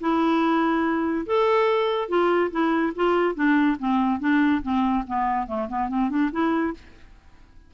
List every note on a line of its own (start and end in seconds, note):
0.00 1.26 E4
1.26 2.08 A4
2.08 2.50 F4
2.51 2.93 E4
2.95 3.35 F4
3.35 3.77 D4
3.79 4.20 C4
4.20 4.62 D4
4.62 5.04 C4
5.07 5.47 B3
5.47 5.68 A3
5.68 5.89 B3
5.89 6.10 C4
6.10 6.31 D4
6.32 6.74 E4